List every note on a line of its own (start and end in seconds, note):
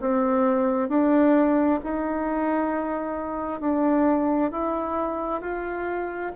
0.00 0.88 C4
0.88 1.79 D4
1.83 3.60 D#4
3.60 4.51 D4
4.51 5.40 E4
5.40 6.31 F4